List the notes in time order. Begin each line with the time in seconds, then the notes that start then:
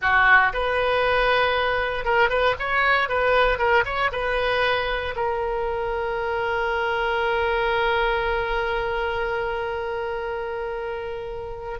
0.01 F#4
0.53 B4
2.04 A#4
2.29 B4
2.59 C#5
3.08 B4
3.58 A#4
3.85 C#5
4.12 B4
5.15 A#4